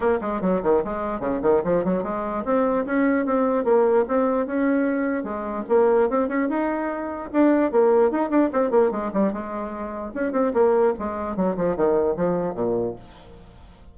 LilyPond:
\new Staff \with { instrumentName = "bassoon" } { \time 4/4 \tempo 4 = 148 ais8 gis8 fis8 dis8 gis4 cis8 dis8 | f8 fis8 gis4 c'4 cis'4 | c'4 ais4 c'4 cis'4~ | cis'4 gis4 ais4 c'8 cis'8 |
dis'2 d'4 ais4 | dis'8 d'8 c'8 ais8 gis8 g8 gis4~ | gis4 cis'8 c'8 ais4 gis4 | fis8 f8 dis4 f4 ais,4 | }